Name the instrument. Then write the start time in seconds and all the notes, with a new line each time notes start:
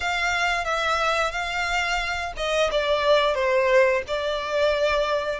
violin
0.00 F5
0.64 E5
1.31 F5
2.36 D#5
2.71 D5
3.35 C5
4.07 D5